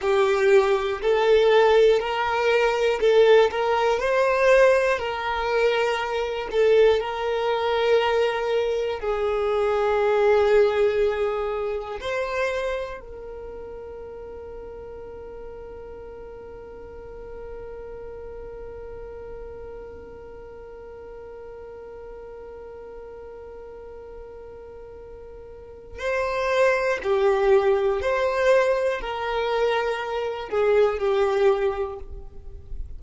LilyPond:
\new Staff \with { instrumentName = "violin" } { \time 4/4 \tempo 4 = 60 g'4 a'4 ais'4 a'8 ais'8 | c''4 ais'4. a'8 ais'4~ | ais'4 gis'2. | c''4 ais'2.~ |
ais'1~ | ais'1~ | ais'2 c''4 g'4 | c''4 ais'4. gis'8 g'4 | }